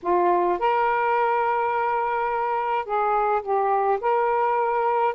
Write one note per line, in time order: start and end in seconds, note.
0.02 0.59 F4
0.59 2.85 A#4
2.85 3.42 G#4
3.42 3.99 G4
4.01 5.14 A#4